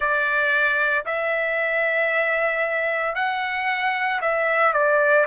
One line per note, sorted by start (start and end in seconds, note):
0.00 1.04 D5
1.05 3.15 E5
3.15 4.20 F#5
4.21 4.73 E5
4.73 5.25 D5